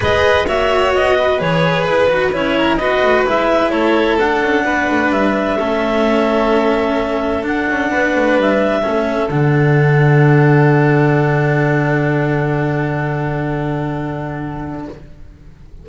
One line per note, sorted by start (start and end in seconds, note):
0.00 0.48 G#3
0.00 0.45 G#4
0.00 0.46 B4
0.00 0.47 D#5
0.47 0.94 A#3
0.47 1.38 F#4
0.47 1.17 C#5
0.47 0.94 E5
0.94 1.40 B3
0.94 1.40 D#5
1.17 2.56 B4
1.38 1.86 E3
1.38 2.08 G#4
1.38 1.84 C#5
1.84 2.11 E4
1.84 2.31 B4
2.09 2.34 D#4
2.09 2.32 F#4
2.32 2.78 C#4
2.32 2.79 E4
2.32 2.76 C#5
2.56 2.79 A#4
2.76 3.02 B3
2.76 3.25 F#4
2.76 3.71 B4
2.76 3.23 D#5
3.02 3.25 A3
3.25 3.71 G#3
3.25 4.18 E4
3.25 3.70 E5
3.70 4.18 A3
3.70 4.64 A4
3.70 4.17 C#5
4.19 4.42 D4
4.19 5.59 D4
4.19 5.11 F#5
4.42 4.64 C#4
4.64 4.87 B3
4.64 5.57 B4
4.89 5.09 A3
5.09 5.56 G3
5.09 7.44 E5
5.58 7.43 A3
5.58 7.42 C#4
5.58 7.90 A4
7.42 8.82 D4
7.42 7.66 D4
7.42 8.40 F#5
7.68 7.91 C#4
7.90 8.15 B3
7.90 8.81 B4
8.15 8.36 A3
8.36 8.83 G3
8.36 9.29 E5
8.81 9.29 A3
8.81 9.29 C#4
8.81 14.85 A4
9.29 14.87 D3
9.29 14.88 D4
9.29 14.87 F#5